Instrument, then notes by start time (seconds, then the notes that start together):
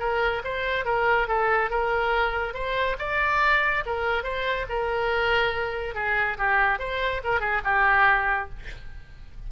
oboe
0.00 A#4
0.44 C5
0.85 A#4
1.28 A4
1.71 A#4
2.54 C5
2.99 D5
3.86 A#4
4.24 C5
4.69 A#4
5.95 G#4
6.38 G4
6.79 C5
7.24 A#4
7.40 G#4
7.65 G4